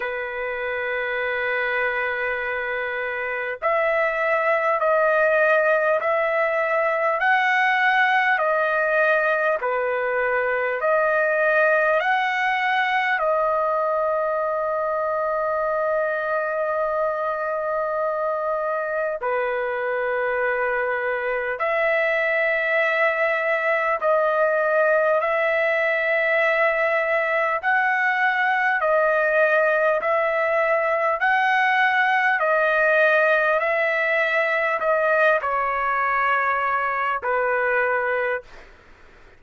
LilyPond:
\new Staff \with { instrumentName = "trumpet" } { \time 4/4 \tempo 4 = 50 b'2. e''4 | dis''4 e''4 fis''4 dis''4 | b'4 dis''4 fis''4 dis''4~ | dis''1 |
b'2 e''2 | dis''4 e''2 fis''4 | dis''4 e''4 fis''4 dis''4 | e''4 dis''8 cis''4. b'4 | }